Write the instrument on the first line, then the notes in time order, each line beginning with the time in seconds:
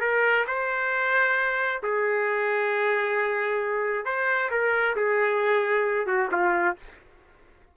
trumpet
0.00 A#4
0.47 C5
1.83 G#4
4.05 C5
4.50 A#4
4.96 G#4
6.06 F#4
6.31 F4